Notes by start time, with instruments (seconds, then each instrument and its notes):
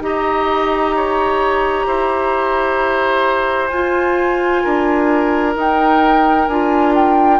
0.00 bassoon D#4, clarinet G4, oboe D#5, flute A#5
0.95 oboe C#5
1.86 bassoon E4, oboe C5
3.67 bassoon F4, clarinet F4, flute G#5
4.63 bassoon D4, oboe A#4
5.54 clarinet D#4, bassoon D#4, flute G5
6.47 bassoon D4, clarinet F4, flute G#5
6.94 flute G5